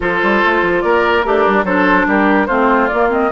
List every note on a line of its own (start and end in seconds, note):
0.00 0.21 F3
0.00 1.23 F4
0.00 0.83 A4
0.00 0.81 C5
0.22 0.43 G3
0.44 0.62 A3
0.62 0.82 F3
0.81 1.24 A#3
0.81 1.26 A#4
0.81 1.22 D5
1.22 1.45 A3
1.22 1.65 D4
1.22 1.65 G4
1.22 1.63 A#4
1.46 1.64 G3
1.64 2.05 F#3
1.64 2.48 D4
1.64 2.06 A4
1.64 2.07 C5
2.07 2.48 G3
2.07 2.47 G4
2.07 2.46 A#4
2.46 2.90 A3
2.46 2.89 C4
2.46 3.30 F4
2.46 2.87 C5
2.87 3.09 A#3
2.87 3.32 A#3
2.87 3.08 D5
3.09 3.30 C4
3.09 3.32 D#5